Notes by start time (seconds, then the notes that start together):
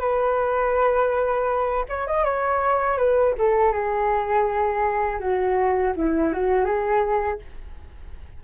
0.00 B4
1.89 C#5
2.07 D#5
2.25 C#5
2.98 B4
3.38 A4
3.72 G#4
5.20 F#4
5.96 E4
6.33 F#4
6.65 G#4